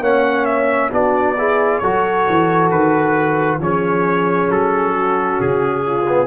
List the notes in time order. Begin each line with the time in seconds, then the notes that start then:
0.00 A#3 C#4 C#5 F#5
0.45 E5
0.91 B3 D4 F#4 D5
1.37 E4 G#4
1.78 F#3 F#4 A4 C#5
2.29 E3
2.70 D#3 B4
3.58 F3 C#4 G#4 C#5
4.49 F#3 A4
4.95 F#4
5.40 C#3 G#4
5.86 F4
6.08 B3